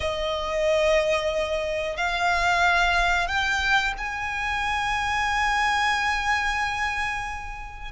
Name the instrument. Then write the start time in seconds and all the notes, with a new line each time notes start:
violin
0.00 D#5
1.97 F5
3.27 G5
3.97 G#5